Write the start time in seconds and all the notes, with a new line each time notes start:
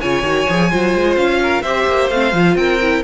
0.00 C#3 F4 C#5 G#5
0.22 D#3 F#4
0.49 F3 G#4
0.70 F#3 F4 C5
0.95 G#3
1.16 C#4 F5
1.42 A#4
1.62 C4 G4 C5 E5
1.87 A#3
2.10 A3 C4 F5
2.32 F3 F4
2.55 C4 A#4 G5
2.81 E4